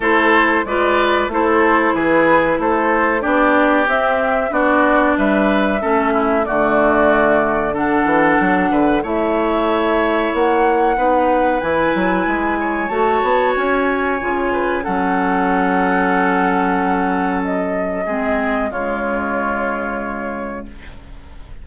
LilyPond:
<<
  \new Staff \with { instrumentName = "flute" } { \time 4/4 \tempo 4 = 93 c''4 d''4 c''4 b'4 | c''4 d''4 e''4 d''4 | e''2 d''2 | fis''2 e''2 |
fis''2 gis''2 | a''4 gis''2 fis''4~ | fis''2. dis''4~ | dis''4 cis''2. | }
  \new Staff \with { instrumentName = "oboe" } { \time 4/4 a'4 b'4 a'4 gis'4 | a'4 g'2 fis'4 | b'4 a'8 e'8 fis'2 | a'4. b'8 cis''2~ |
cis''4 b'2~ b'8 cis''8~ | cis''2~ cis''8 b'8 a'4~ | a'1 | gis'4 f'2. | }
  \new Staff \with { instrumentName = "clarinet" } { \time 4/4 e'4 f'4 e'2~ | e'4 d'4 c'4 d'4~ | d'4 cis'4 a2 | d'2 e'2~ |
e'4 dis'4 e'2 | fis'2 f'4 cis'4~ | cis'1 | c'4 gis2. | }
  \new Staff \with { instrumentName = "bassoon" } { \time 4/4 a4 gis4 a4 e4 | a4 b4 c'4 b4 | g4 a4 d2~ | d8 e8 fis8 d8 a2 |
ais4 b4 e8 fis8 gis4 | a8 b8 cis'4 cis4 fis4~ | fis1 | gis4 cis2. | }
>>